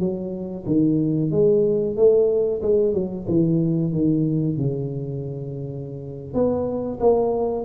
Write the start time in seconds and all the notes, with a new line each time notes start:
0.00 F#3
0.66 D#3
1.32 G#3
1.97 A3
2.62 G#3
2.94 F#3
3.28 E3
3.93 D#3
4.57 C#3
6.34 B3
7.00 A#3